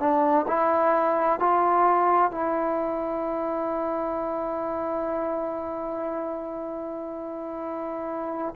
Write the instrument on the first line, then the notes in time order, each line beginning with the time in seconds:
trombone
0.00 D4
0.48 E4
1.40 F4
2.32 E4